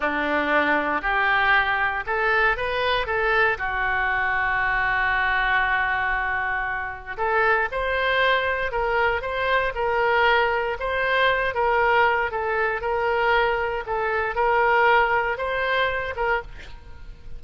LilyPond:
\new Staff \with { instrumentName = "oboe" } { \time 4/4 \tempo 4 = 117 d'2 g'2 | a'4 b'4 a'4 fis'4~ | fis'1~ | fis'2 a'4 c''4~ |
c''4 ais'4 c''4 ais'4~ | ais'4 c''4. ais'4. | a'4 ais'2 a'4 | ais'2 c''4. ais'8 | }